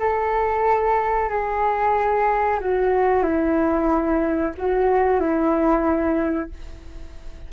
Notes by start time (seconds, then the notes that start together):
0.00 A4
1.30 G#4
2.61 F#4
3.23 E4
4.58 F#4
5.21 E4